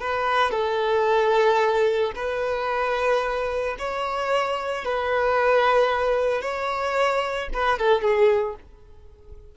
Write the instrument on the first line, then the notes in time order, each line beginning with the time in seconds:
violin
0.00 B4
0.51 A4
2.15 B4
3.79 C#5
4.85 B4
6.41 C#5
7.53 B4
7.79 A4
8.01 G#4